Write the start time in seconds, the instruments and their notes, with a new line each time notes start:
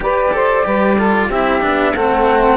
0.00 cello G4, saxophone B4, flute D5
0.32 cello A4, saxophone C5
0.64 cello G3 G4, saxophone B4
0.97 cello F4, saxophone A4
1.27 cello C4 E4, saxophone G4, flute E5
1.60 cello B3 D4
1.94 cello A3 C4, saxophone A4, flute F#5